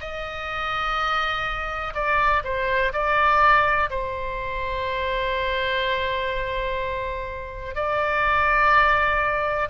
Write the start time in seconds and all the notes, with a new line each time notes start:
0.00 D#5
1.94 D5
2.44 C5
2.93 D5
3.90 C5
7.75 D5